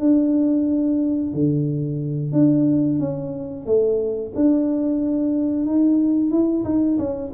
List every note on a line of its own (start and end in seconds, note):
0.00 1.33 D4
1.33 2.33 D3
2.33 2.99 D4
3.00 3.66 C#4
3.66 4.33 A3
4.35 5.66 D4
5.66 6.31 D#4
6.31 6.65 E4
6.65 6.98 D#4
6.98 7.32 C#4